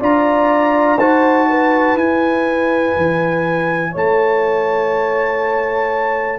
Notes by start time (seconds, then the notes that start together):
0.00 D4 F4 D5 A#5
0.95 D#4 F#4 C5 A5
1.49 B4
1.95 E4 G#5
2.97 E3
3.92 A3 C#5 A5